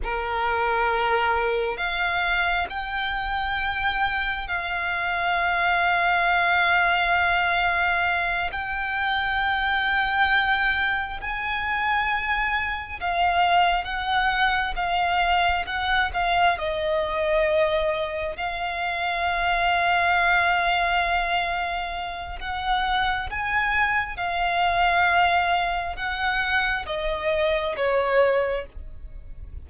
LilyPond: \new Staff \with { instrumentName = "violin" } { \time 4/4 \tempo 4 = 67 ais'2 f''4 g''4~ | g''4 f''2.~ | f''4. g''2~ g''8~ | g''8 gis''2 f''4 fis''8~ |
fis''8 f''4 fis''8 f''8 dis''4.~ | dis''8 f''2.~ f''8~ | f''4 fis''4 gis''4 f''4~ | f''4 fis''4 dis''4 cis''4 | }